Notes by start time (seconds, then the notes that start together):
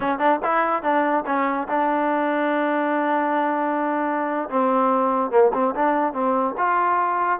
0.00 C#4
0.18 D4
0.42 E4
0.82 D4
1.26 C#4
1.68 D4
4.49 C4
5.30 A#3
5.53 C4
5.75 D4
6.13 C4
6.57 F4